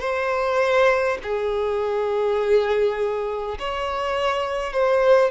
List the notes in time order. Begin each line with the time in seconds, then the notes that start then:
0.00 C5
1.22 G#4
3.59 C#5
4.72 C5